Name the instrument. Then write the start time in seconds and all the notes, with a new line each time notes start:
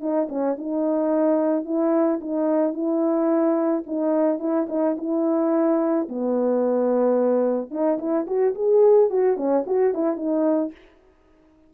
horn
0.00 D#4
0.29 C#4
0.58 D#4
1.65 E4
2.20 D#4
2.73 E4
3.86 D#4
4.39 E4
4.68 D#4
4.97 E4
6.09 B3
7.70 D#4
7.98 E4
8.26 F#4
8.55 G#4
9.10 F#4
9.37 C#4
9.66 F#4
9.94 E4
10.16 D#4